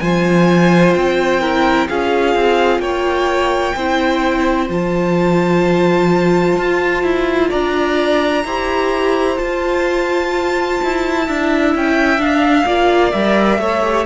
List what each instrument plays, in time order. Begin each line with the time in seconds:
0.00 cello F3, viola F4, violin C5 G#5
0.94 cello C4, violin G5
1.40 viola E4, violin A#4
1.88 cello C#4, viola F4, violin G#4 F5
2.35 cello C4
2.79 cello A#3, violin C#5 G5
3.75 cello C4, viola E4, violin C5
4.68 cello F3, viola F4, violin A5
6.58 cello F4
7.03 cello E4
7.49 cello D4, violin D5 A#5
8.44 cello E4, viola G4, violin C5
9.37 viola F4, cello F4, violin A5
10.84 cello E4
11.26 cello D4, viola E4, violin E5
11.75 cello C#4, violin G5
12.17 cello D4, viola D4, violin F5
12.66 cello A#3, viola F4, violin D5
13.12 cello G3, viola A#4, violin E5
13.58 cello A3, viola A4, violin C#5
13.83 viola G4